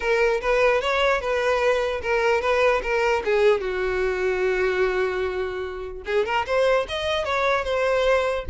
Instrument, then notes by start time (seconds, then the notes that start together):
violin
0.00 A#4
0.41 B4
0.81 C#5
1.20 B4
2.02 A#4
2.41 B4
2.82 A#4
3.24 G#4
3.61 F#4
6.05 G#4
6.25 A#4
6.46 C5
6.88 D#5
7.24 C#5
7.64 C5